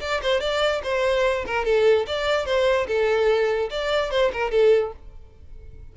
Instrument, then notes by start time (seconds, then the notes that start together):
violin
0.00 D5
0.22 C5
0.40 D5
0.83 C5
1.46 A#4
1.65 A4
2.06 D5
2.45 C5
2.87 A4
3.70 D5
4.11 C5
4.33 A#4
4.51 A4